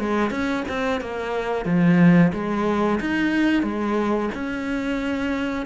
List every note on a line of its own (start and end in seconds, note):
0.00 0.31 G#3
0.31 0.64 C#4
0.68 1.01 C4
1.01 1.65 A#3
1.65 2.32 F3
2.33 3.00 G#3
3.01 3.63 D#4
3.63 4.30 G#3
4.35 5.66 C#4